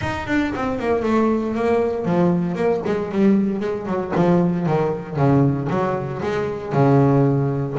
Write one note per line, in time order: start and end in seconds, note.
0.01 0.27 D#4
0.27 0.53 D4
0.55 0.79 C4
0.79 1.03 A#3
1.03 1.54 A3
1.54 2.05 A#3
2.05 2.55 F3
2.55 2.81 A#3
2.85 3.11 G#3
3.11 3.59 G3
3.59 3.85 G#3
3.86 4.11 F#3
4.15 4.66 F3
4.66 5.16 D#3
5.16 5.68 C#3
5.69 6.21 F#3
6.22 6.72 G#3
6.72 7.76 C#3